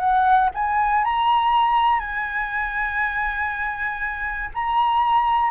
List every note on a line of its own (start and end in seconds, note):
0.00 0.50 F#5
0.54 1.04 G#5
1.05 2.00 A#5
2.00 4.50 G#5
4.55 5.50 A#5